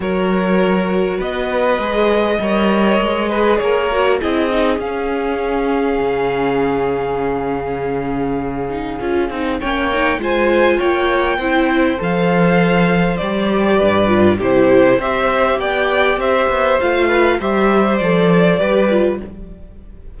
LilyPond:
<<
  \new Staff \with { instrumentName = "violin" } { \time 4/4 \tempo 4 = 100 cis''2 dis''2~ | dis''2 cis''4 dis''4 | f''1~ | f''1 |
g''4 gis''4 g''2 | f''2 d''2 | c''4 e''4 g''4 e''4 | f''4 e''4 d''2 | }
  \new Staff \with { instrumentName = "violin" } { \time 4/4 ais'2 b'2 | cis''4. b'8 ais'4 gis'4~ | gis'1~ | gis'1 |
cis''4 c''4 cis''4 c''4~ | c''2. b'4 | g'4 c''4 d''4 c''4~ | c''8 b'8 c''2 b'4 | }
  \new Staff \with { instrumentName = "viola" } { \time 4/4 fis'2. gis'4 | ais'4. gis'4 fis'8 e'8 dis'8 | cis'1~ | cis'2~ cis'8 dis'8 f'8 dis'8 |
cis'8 dis'8 f'2 e'4 | a'2 g'4. f'8 | e'4 g'2. | f'4 g'4 a'4 g'8 f'8 | }
  \new Staff \with { instrumentName = "cello" } { \time 4/4 fis2 b4 gis4 | g4 gis4 ais4 c'4 | cis'2 cis2~ | cis2. cis'8 c'8 |
ais4 gis4 ais4 c'4 | f2 g4 g,4 | c4 c'4 b4 c'8 b8 | a4 g4 f4 g4 | }
>>